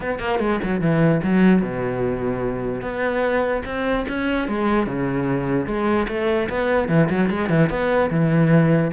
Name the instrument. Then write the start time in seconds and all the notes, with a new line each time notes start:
cello
0.00 B3
0.19 A#3
0.39 G#3
0.63 F#3
0.80 E3
1.23 F#3
1.61 B2
2.81 B3
3.65 C4
4.08 C#4
4.48 G#3
4.86 C#3
5.66 G#3
6.08 A3
6.49 B3
6.88 E3
7.09 F#3
7.29 G#3
7.49 E3
7.69 B3
8.10 E3